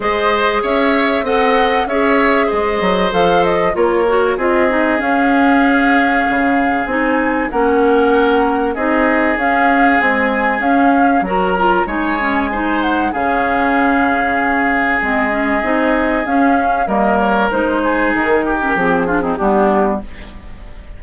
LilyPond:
<<
  \new Staff \with { instrumentName = "flute" } { \time 4/4 \tempo 4 = 96 dis''4 e''4 fis''4 e''4 | dis''4 f''8 dis''8 cis''4 dis''4 | f''2. gis''4 | fis''2 dis''4 f''4 |
gis''4 f''4 ais''4 gis''4~ | gis''8 fis''8 f''2. | dis''2 f''4 dis''8 cis''8 | c''4 ais'4 gis'4 g'4 | }
  \new Staff \with { instrumentName = "oboe" } { \time 4/4 c''4 cis''4 dis''4 cis''4 | c''2 ais'4 gis'4~ | gis'1 | ais'2 gis'2~ |
gis'2 ais'4 cis''4 | c''4 gis'2.~ | gis'2. ais'4~ | ais'8 gis'4 g'4 f'16 dis'16 d'4 | }
  \new Staff \with { instrumentName = "clarinet" } { \time 4/4 gis'2 a'4 gis'4~ | gis'4 a'4 f'8 fis'8 f'8 dis'8 | cis'2. dis'4 | cis'2 dis'4 cis'4 |
gis4 cis'4 fis'8 f'8 dis'8 cis'8 | dis'4 cis'2. | c'8 cis'8 dis'4 cis'4 ais4 | dis'4.~ dis'16 cis'16 c'8 d'16 c'16 b4 | }
  \new Staff \with { instrumentName = "bassoon" } { \time 4/4 gis4 cis'4 c'4 cis'4 | gis8 fis8 f4 ais4 c'4 | cis'2 cis4 c'4 | ais2 c'4 cis'4 |
c'4 cis'4 fis4 gis4~ | gis4 cis2. | gis4 c'4 cis'4 g4 | gis4 dis4 f4 g4 | }
>>